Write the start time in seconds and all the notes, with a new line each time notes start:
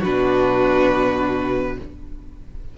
0.00 B2 D4 F#4 B4